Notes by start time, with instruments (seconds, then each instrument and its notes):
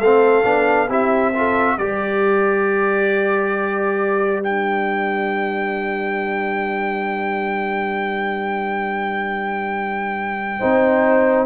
0.00 tuba A3, trombone C4, horn A4, trumpet F5
0.43 tuba B3, trombone D4
0.89 tuba C4, trombone E4, horn G4, trumpet E5
1.34 trombone F4, horn A4
1.76 tuba G3, trombone G4, horn B4, trumpet D5
4.44 trombone D4, trumpet G5
10.59 tuba C4, trombone D#4, horn C5